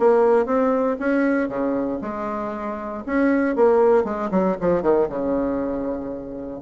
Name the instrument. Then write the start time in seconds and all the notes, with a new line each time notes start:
bassoon
0.00 A#3
0.46 C4
1.00 C#4
1.49 C#3
2.02 G#3
3.07 C#4
3.56 A#3
4.05 G#3
4.31 F#3
4.61 F3
4.83 D#3
5.09 C#3